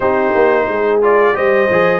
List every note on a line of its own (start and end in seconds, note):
0.00 0.32 C4
0.00 1.02 D#4
0.00 0.65 G4
0.00 1.00 C5
0.35 0.67 A#3
0.67 1.35 G#3
0.67 1.34 G#4
1.02 1.33 F4
1.02 1.36 D5
1.33 1.69 G3
1.33 1.67 G4
1.33 2.00 C5
1.33 2.00 D#5
1.70 2.00 F3
1.70 2.00 G#4